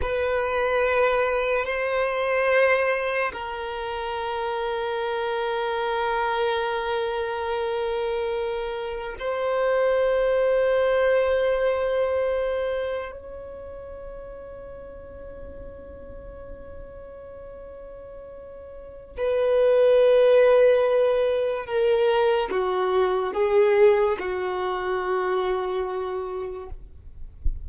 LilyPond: \new Staff \with { instrumentName = "violin" } { \time 4/4 \tempo 4 = 72 b'2 c''2 | ais'1~ | ais'2. c''4~ | c''2.~ c''8. cis''16~ |
cis''1~ | cis''2. b'4~ | b'2 ais'4 fis'4 | gis'4 fis'2. | }